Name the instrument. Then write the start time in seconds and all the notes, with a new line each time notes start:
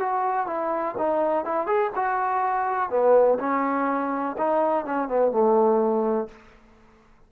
trombone
0.00 F#4
0.47 E4
0.98 D#4
1.45 E4
1.67 G#4
1.96 F#4
2.90 B3
3.40 C#4
4.38 D#4
4.86 C#4
5.09 B3
5.32 A3